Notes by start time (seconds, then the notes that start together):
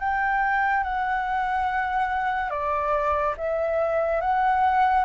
0.00 G5
0.84 F#5
2.50 D5
3.38 E5
4.21 F#5